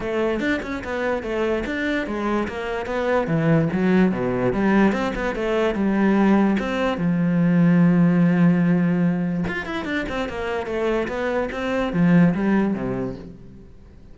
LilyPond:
\new Staff \with { instrumentName = "cello" } { \time 4/4 \tempo 4 = 146 a4 d'8 cis'8 b4 a4 | d'4 gis4 ais4 b4 | e4 fis4 b,4 g4 | c'8 b8 a4 g2 |
c'4 f2.~ | f2. f'8 e'8 | d'8 c'8 ais4 a4 b4 | c'4 f4 g4 c4 | }